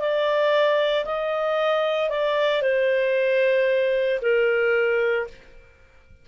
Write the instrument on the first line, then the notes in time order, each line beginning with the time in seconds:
clarinet
0.00 D5
1.06 D#5
2.10 D5
2.63 C5
4.22 A#4